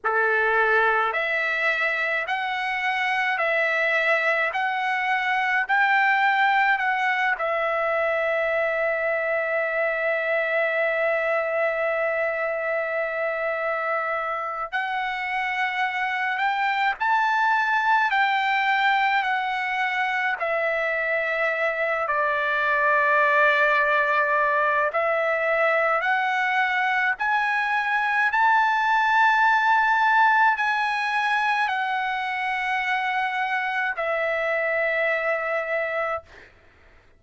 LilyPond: \new Staff \with { instrumentName = "trumpet" } { \time 4/4 \tempo 4 = 53 a'4 e''4 fis''4 e''4 | fis''4 g''4 fis''8 e''4.~ | e''1~ | e''4 fis''4. g''8 a''4 |
g''4 fis''4 e''4. d''8~ | d''2 e''4 fis''4 | gis''4 a''2 gis''4 | fis''2 e''2 | }